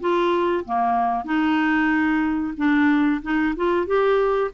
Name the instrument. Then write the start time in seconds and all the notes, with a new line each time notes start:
clarinet
0.00 F4
0.65 A#3
1.25 D#4
2.57 D4
3.22 D#4
3.56 F4
3.86 G4